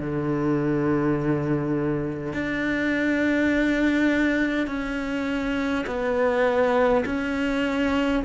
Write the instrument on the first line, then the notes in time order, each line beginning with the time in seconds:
cello
0.00 D3
2.33 D4
4.67 C#4
5.86 B3
7.05 C#4